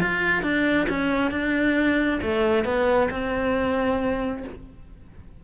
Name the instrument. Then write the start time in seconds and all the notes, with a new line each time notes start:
cello
0.00 F4
0.42 D4
0.89 C#4
1.31 D4
2.22 A3
2.65 B3
3.11 C4